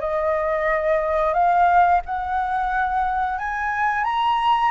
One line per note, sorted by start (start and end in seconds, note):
0.00 1.34 D#5
1.34 2.01 F5
2.06 3.38 F#5
3.38 4.04 G#5
4.04 4.71 A#5